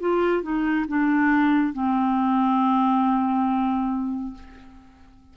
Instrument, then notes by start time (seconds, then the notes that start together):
clarinet
0.00 F4
0.42 D#4
0.88 D4
1.73 C4